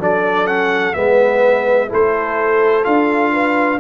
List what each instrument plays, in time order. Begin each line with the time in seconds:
0.00 tuba F#3, trombone D4, horn A4, trumpet D5
0.47 trombone C#4, trumpet F#5
0.94 tuba G#3, trombone B3, horn B4, trumpet E5
1.89 tuba A3, trombone E4, horn A4, trumpet C5
2.84 tuba D4, trombone F4, trumpet F5
3.33 horn B4